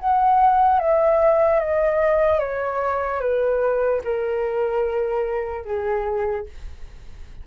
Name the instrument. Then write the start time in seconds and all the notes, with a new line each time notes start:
flute
0.00 F#5
0.80 E5
1.60 D#5
2.40 C#5
3.21 B4
4.04 A#4
5.65 G#4